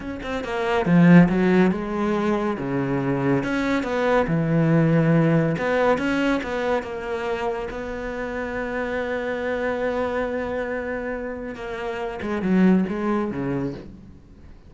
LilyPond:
\new Staff \with { instrumentName = "cello" } { \time 4/4 \tempo 4 = 140 cis'8 c'8 ais4 f4 fis4 | gis2 cis2 | cis'4 b4 e2~ | e4 b4 cis'4 b4 |
ais2 b2~ | b1~ | b2. ais4~ | ais8 gis8 fis4 gis4 cis4 | }